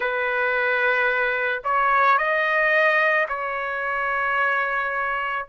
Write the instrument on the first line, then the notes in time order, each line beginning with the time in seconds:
trumpet
0.00 B4
1.64 C#5
2.18 D#5
3.28 C#5